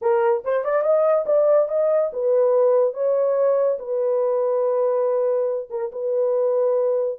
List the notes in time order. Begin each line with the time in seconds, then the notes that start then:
0.01 A#4
0.44 C5
0.64 D5
0.82 D#5
1.26 D5
1.68 D#5
2.12 B4
2.93 C#5
3.79 B4
5.70 A#4
5.92 B4